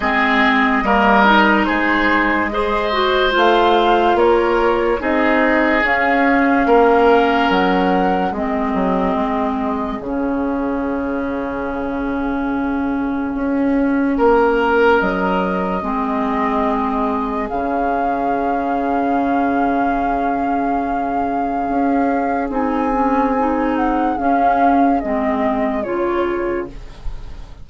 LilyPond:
<<
  \new Staff \with { instrumentName = "flute" } { \time 4/4 \tempo 4 = 72 dis''2 c''4 dis''4 | f''4 cis''4 dis''4 f''4~ | f''4 fis''4 dis''2 | f''1~ |
f''2 dis''2~ | dis''4 f''2.~ | f''2. gis''4~ | gis''8 fis''8 f''4 dis''4 cis''4 | }
  \new Staff \with { instrumentName = "oboe" } { \time 4/4 gis'4 ais'4 gis'4 c''4~ | c''4 ais'4 gis'2 | ais'2 gis'2~ | gis'1~ |
gis'4 ais'2 gis'4~ | gis'1~ | gis'1~ | gis'1 | }
  \new Staff \with { instrumentName = "clarinet" } { \time 4/4 c'4 ais8 dis'4. gis'8 fis'8 | f'2 dis'4 cis'4~ | cis'2 c'2 | cis'1~ |
cis'2. c'4~ | c'4 cis'2.~ | cis'2. dis'8 cis'8 | dis'4 cis'4 c'4 f'4 | }
  \new Staff \with { instrumentName = "bassoon" } { \time 4/4 gis4 g4 gis2 | a4 ais4 c'4 cis'4 | ais4 fis4 gis8 fis8 gis4 | cis1 |
cis'4 ais4 fis4 gis4~ | gis4 cis2.~ | cis2 cis'4 c'4~ | c'4 cis'4 gis4 cis4 | }
>>